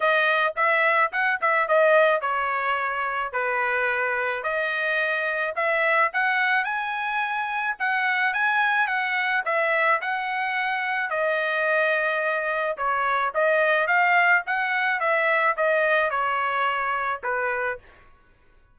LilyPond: \new Staff \with { instrumentName = "trumpet" } { \time 4/4 \tempo 4 = 108 dis''4 e''4 fis''8 e''8 dis''4 | cis''2 b'2 | dis''2 e''4 fis''4 | gis''2 fis''4 gis''4 |
fis''4 e''4 fis''2 | dis''2. cis''4 | dis''4 f''4 fis''4 e''4 | dis''4 cis''2 b'4 | }